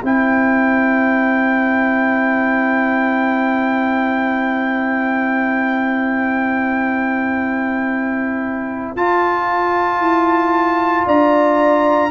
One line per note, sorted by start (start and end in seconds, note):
0.00 8.95 C4
0.00 8.97 E4
0.00 11.05 C5
0.00 8.96 G5
8.95 10.00 F4
8.95 12.11 F4
8.95 11.07 A5
10.00 11.05 E4
11.06 12.11 D4
11.06 12.11 D5
11.06 12.11 A#5